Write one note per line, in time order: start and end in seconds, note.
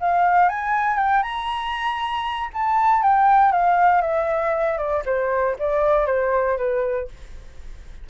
0.00 0.49 F5
0.49 0.97 G#5
0.97 1.22 G5
1.22 2.50 A#5
2.53 3.03 A5
3.03 3.52 G5
3.52 4.01 F5
4.01 4.78 E5
4.78 5.03 D5
5.05 5.56 C5
5.59 6.06 D5
6.06 6.57 C5
6.57 7.08 B4